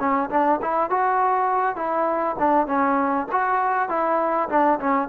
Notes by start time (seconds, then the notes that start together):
0.00 C#4
0.30 D4
0.62 E4
0.90 F#4
1.76 E4
2.39 D4
2.67 C#4
3.32 F#4
3.89 E4
4.49 D4
4.80 C#4